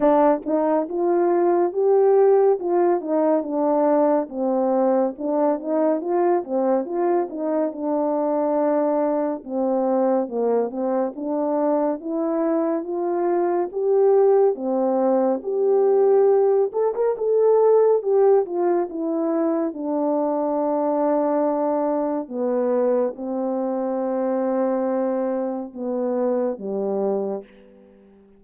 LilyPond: \new Staff \with { instrumentName = "horn" } { \time 4/4 \tempo 4 = 70 d'8 dis'8 f'4 g'4 f'8 dis'8 | d'4 c'4 d'8 dis'8 f'8 c'8 | f'8 dis'8 d'2 c'4 | ais8 c'8 d'4 e'4 f'4 |
g'4 c'4 g'4. a'16 ais'16 | a'4 g'8 f'8 e'4 d'4~ | d'2 b4 c'4~ | c'2 b4 g4 | }